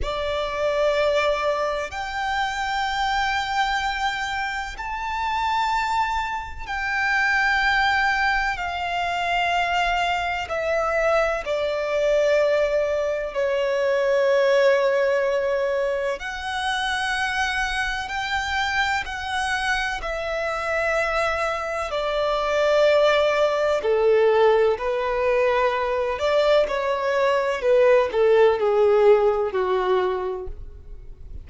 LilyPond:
\new Staff \with { instrumentName = "violin" } { \time 4/4 \tempo 4 = 63 d''2 g''2~ | g''4 a''2 g''4~ | g''4 f''2 e''4 | d''2 cis''2~ |
cis''4 fis''2 g''4 | fis''4 e''2 d''4~ | d''4 a'4 b'4. d''8 | cis''4 b'8 a'8 gis'4 fis'4 | }